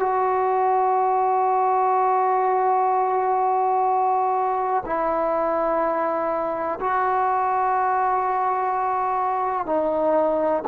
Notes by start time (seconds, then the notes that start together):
0.00 F#4
4.86 E4
6.80 F#4
9.66 D#4